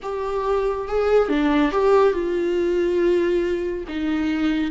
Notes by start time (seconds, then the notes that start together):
0.02 G4
0.88 G#4
1.28 D4
1.71 G4
2.13 F4
3.88 D#4